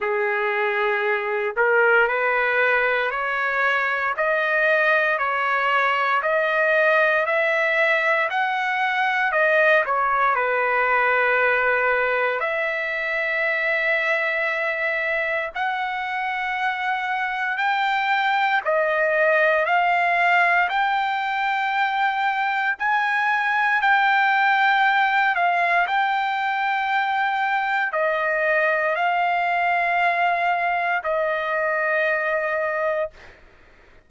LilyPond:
\new Staff \with { instrumentName = "trumpet" } { \time 4/4 \tempo 4 = 58 gis'4. ais'8 b'4 cis''4 | dis''4 cis''4 dis''4 e''4 | fis''4 dis''8 cis''8 b'2 | e''2. fis''4~ |
fis''4 g''4 dis''4 f''4 | g''2 gis''4 g''4~ | g''8 f''8 g''2 dis''4 | f''2 dis''2 | }